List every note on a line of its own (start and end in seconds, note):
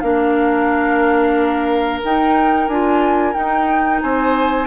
0.00 2.02 A#3
0.00 2.02 D4
0.00 4.02 A#4
0.00 2.00 F5
2.03 2.70 D#4
2.03 2.68 D#4
2.03 2.67 G5
2.67 3.34 D4
2.67 3.34 F4
2.67 3.33 G#5
3.33 4.67 D#4
3.33 4.02 D#4
3.33 4.00 G5
4.02 4.67 C4
4.02 4.67 C5
4.02 4.67 G#5